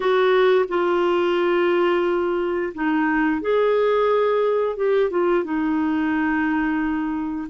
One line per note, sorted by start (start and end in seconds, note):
0.00 0.65 F#4
0.68 2.73 F4
2.74 3.41 D#4
3.41 4.76 G#4
4.76 5.10 G4
5.10 5.44 F4
5.44 7.48 D#4